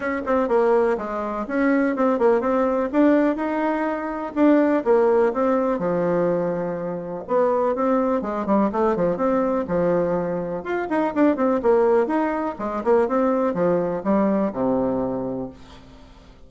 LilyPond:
\new Staff \with { instrumentName = "bassoon" } { \time 4/4 \tempo 4 = 124 cis'8 c'8 ais4 gis4 cis'4 | c'8 ais8 c'4 d'4 dis'4~ | dis'4 d'4 ais4 c'4 | f2. b4 |
c'4 gis8 g8 a8 f8 c'4 | f2 f'8 dis'8 d'8 c'8 | ais4 dis'4 gis8 ais8 c'4 | f4 g4 c2 | }